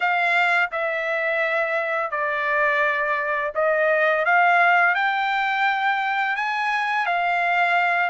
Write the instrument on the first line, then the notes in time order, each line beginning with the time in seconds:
trumpet
0.00 F5
0.71 E5
2.10 D5
3.55 D#5
4.25 F5
4.94 G5
6.36 G#5
7.06 F5